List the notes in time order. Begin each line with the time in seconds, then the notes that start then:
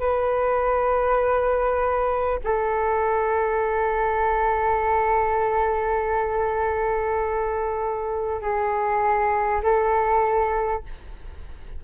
0.00 B4
2.44 A4
8.42 G#4
9.63 A4